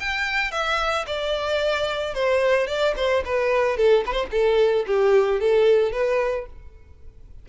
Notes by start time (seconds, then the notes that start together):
0.00 G5
0.51 E5
1.07 D5
2.14 C5
2.67 D5
2.96 C5
3.25 B4
3.77 A4
4.06 B4
4.13 C5
4.31 A4
4.86 G4
5.40 A4
5.92 B4